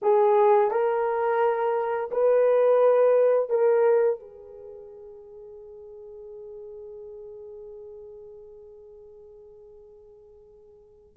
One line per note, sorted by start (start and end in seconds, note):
0.02 0.70 G#4
0.70 2.10 A#4
2.11 3.49 B4
3.49 4.19 A#4
4.19 11.16 G#4